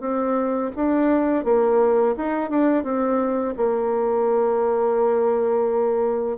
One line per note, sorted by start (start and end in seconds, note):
0.00 0.71 C4
0.75 1.44 D4
1.44 2.15 A#3
2.17 2.50 D#4
2.50 2.84 D4
2.84 3.54 C4
3.57 6.37 A#3